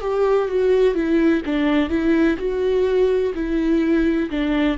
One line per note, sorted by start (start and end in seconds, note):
0.00 0.48 G4
0.48 0.94 F#4
0.94 1.42 E4
1.45 1.89 D4
1.89 2.36 E4
2.37 3.32 F#4
3.34 4.29 E4
4.30 4.77 D4